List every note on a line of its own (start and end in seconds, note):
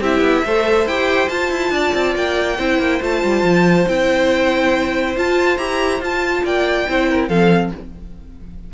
0.00 0.20 C4
0.00 0.46 E4
0.00 0.44 G4
0.00 0.87 E5
0.20 0.41 B3
0.44 0.85 A3
0.44 0.89 A4
0.44 1.73 C5
0.85 1.28 E4
0.85 1.28 G4
0.85 1.28 G5
1.28 2.57 F4
1.28 1.50 F4
1.28 2.14 A5
1.50 1.70 E4
1.70 1.92 D4
1.70 2.58 D5
1.94 2.15 C4
2.15 2.58 A#3
2.15 3.02 G5
2.58 2.78 C4
2.58 3.01 E4
2.58 6.43 C5
2.78 3.00 A#3
3.01 3.23 A3
3.01 3.87 F4
3.01 3.88 A5
3.23 3.43 G3
3.43 3.86 F3
3.87 5.16 C4
3.87 5.16 E4
3.87 5.16 G5
5.16 5.58 F4
5.16 5.57 F4
5.16 5.57 A5
5.57 6.00 E4
5.57 6.01 G4
5.57 6.00 A#5
6.00 6.43 F4
6.00 6.88 F4
6.00 6.45 A5
6.44 6.87 A#3
6.44 6.87 D5
6.44 7.28 G5
6.88 7.28 C4
6.88 7.30 E4
6.88 7.09 C5
7.09 7.28 A#4
7.28 7.71 F3
7.28 7.73 C4
7.28 7.71 A4
7.28 7.71 F5